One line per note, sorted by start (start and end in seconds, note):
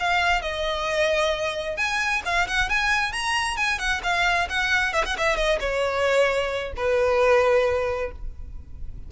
0.00 0.42 F5
0.42 1.77 D#5
1.77 2.22 G#5
2.25 2.48 F5
2.48 2.69 F#5
2.69 3.13 G#5
3.13 3.57 A#5
3.57 3.79 G#5
3.79 4.02 F#5
4.03 4.48 F5
4.49 4.94 F#5
4.94 5.05 E5
5.05 5.17 F#5
5.18 5.37 E5
5.37 5.59 D#5
5.60 6.73 C#5
6.77 8.12 B4